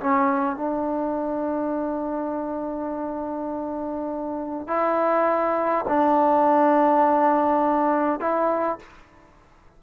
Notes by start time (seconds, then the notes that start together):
0.00 C#4
0.56 D4
4.67 E4
5.88 D4
8.20 E4